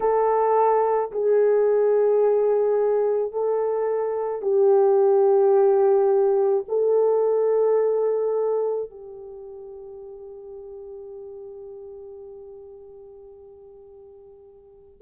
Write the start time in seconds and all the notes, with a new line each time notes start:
0.00 A4
1.11 G#4
3.31 A4
4.41 G4
6.68 A4
8.89 G4